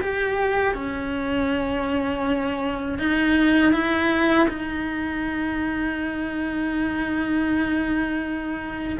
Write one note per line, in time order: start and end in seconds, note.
0.00 0.74 G4
0.74 2.98 C#4
2.98 3.72 D#4
3.72 4.47 E4
4.48 8.98 D#4